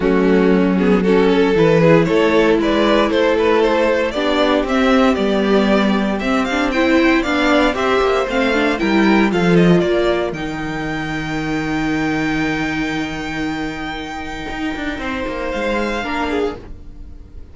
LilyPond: <<
  \new Staff \with { instrumentName = "violin" } { \time 4/4 \tempo 4 = 116 fis'4. gis'8 a'4 b'4 | cis''4 d''4 c''8 b'8 c''4 | d''4 e''4 d''2 | e''8 f''8 g''4 f''4 e''4 |
f''4 g''4 f''8 dis''8 d''4 | g''1~ | g''1~ | g''2 f''2 | }
  \new Staff \with { instrumentName = "violin" } { \time 4/4 cis'2 fis'8 a'4 gis'8 | a'4 b'4 a'2 | g'1~ | g'4 c''4 d''4 c''4~ |
c''4 ais'4 a'4 ais'4~ | ais'1~ | ais'1~ | ais'4 c''2 ais'8 gis'8 | }
  \new Staff \with { instrumentName = "viola" } { \time 4/4 a4. b8 cis'4 e'4~ | e'1 | d'4 c'4 b2 | c'8 d'8 e'4 d'4 g'4 |
c'8 d'8 e'4 f'2 | dis'1~ | dis'1~ | dis'2. d'4 | }
  \new Staff \with { instrumentName = "cello" } { \time 4/4 fis2. e4 | a4 gis4 a2 | b4 c'4 g2 | c'2 b4 c'8 ais8 |
a4 g4 f4 ais4 | dis1~ | dis1 | dis'8 d'8 c'8 ais8 gis4 ais4 | }
>>